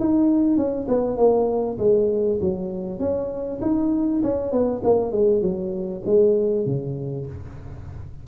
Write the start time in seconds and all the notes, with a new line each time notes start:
0.00 D#4
0.57 C#4
0.88 B3
1.17 A#3
1.79 G#3
2.41 F#3
3.00 C#4
3.62 D#4
4.23 C#4
4.52 B3
4.84 A#3
5.12 G#3
5.42 F#3
6.06 G#3
6.66 C#3